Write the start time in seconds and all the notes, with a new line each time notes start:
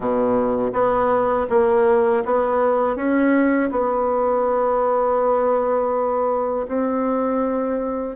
0.00 B2
0.72 B3
1.49 A#3
2.25 B3
2.96 C#4
3.70 B3
6.67 C4